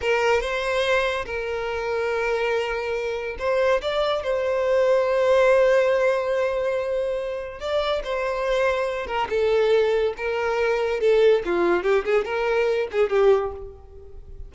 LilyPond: \new Staff \with { instrumentName = "violin" } { \time 4/4 \tempo 4 = 142 ais'4 c''2 ais'4~ | ais'1 | c''4 d''4 c''2~ | c''1~ |
c''2 d''4 c''4~ | c''4. ais'8 a'2 | ais'2 a'4 f'4 | g'8 gis'8 ais'4. gis'8 g'4 | }